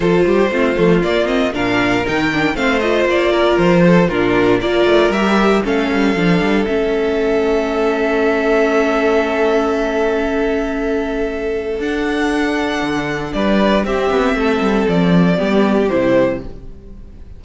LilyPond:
<<
  \new Staff \with { instrumentName = "violin" } { \time 4/4 \tempo 4 = 117 c''2 d''8 dis''8 f''4 | g''4 f''8 dis''8 d''4 c''4 | ais'4 d''4 e''4 f''4~ | f''4 e''2.~ |
e''1~ | e''2. fis''4~ | fis''2 d''4 e''4~ | e''4 d''2 c''4 | }
  \new Staff \with { instrumentName = "violin" } { \time 4/4 a'8 g'8 f'2 ais'4~ | ais'4 c''4. ais'4 a'8 | f'4 ais'2 a'4~ | a'1~ |
a'1~ | a'1~ | a'2 b'4 g'4 | a'2 g'2 | }
  \new Staff \with { instrumentName = "viola" } { \time 4/4 f'4 c'8 a8 ais8 c'8 d'4 | dis'8 d'8 c'8 f'2~ f'8 | d'4 f'4 g'4 cis'4 | d'4 cis'2.~ |
cis'1~ | cis'2. d'4~ | d'2. c'4~ | c'2 b4 e'4 | }
  \new Staff \with { instrumentName = "cello" } { \time 4/4 f8 g8 a8 f8 ais4 ais,4 | dis4 a4 ais4 f4 | ais,4 ais8 a8 g4 a8 g8 | f8 g8 a2.~ |
a1~ | a2. d'4~ | d'4 d4 g4 c'8 b8 | a8 g8 f4 g4 c4 | }
>>